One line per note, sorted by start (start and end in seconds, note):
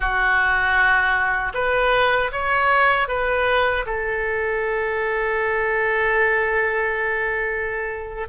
0.00 1.52 F#4
1.54 2.31 B4
2.31 3.08 C#5
3.08 3.85 B4
3.85 8.28 A4